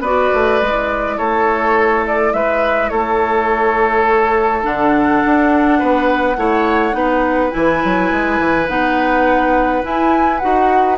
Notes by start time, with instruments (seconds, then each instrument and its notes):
0.00 bassoon B3, clarinet F#4, oboe B4, flute D5
0.34 bassoon A3
0.61 bassoon G#3, clarinet E4
1.17 bassoon A3, oboe A4, flute C#5
2.07 flute D5
2.33 bassoon G#3, oboe B4, flute E5
2.89 bassoon A3, oboe A4, flute C#5
4.63 bassoon D3, clarinet D4, flute F#5
5.26 bassoon D4
5.79 bassoon B3, oboe B4
6.37 bassoon A3, clarinet E4, oboe C#5
6.92 bassoon B3, clarinet D#4, oboe B4
7.50 bassoon E3, clarinet E4, flute G#5
7.84 bassoon F#3
8.11 bassoon G#3
8.39 bassoon E3
8.68 bassoon B3, clarinet D#4, flute F#5
9.83 clarinet E4, bassoon E4, flute G#5
10.38 bassoon D#4, clarinet F#4, flute F#5